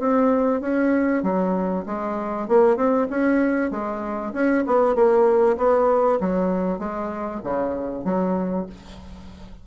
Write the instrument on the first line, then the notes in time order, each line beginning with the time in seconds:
bassoon
0.00 C4
0.61 C#4
1.23 F#3
1.87 G#3
2.49 A#3
2.77 C4
3.10 C#4
3.71 G#3
4.34 C#4
4.67 B3
4.95 A#3
5.58 B3
6.21 F#3
6.79 G#3
7.44 C#3
8.05 F#3